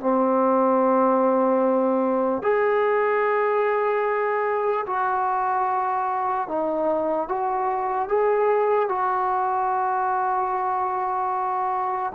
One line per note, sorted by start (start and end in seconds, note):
0.00 2.42 C4
2.42 4.85 G#4
4.86 6.48 F#4
6.48 7.28 D#4
7.28 8.08 F#4
8.08 8.89 G#4
8.89 12.13 F#4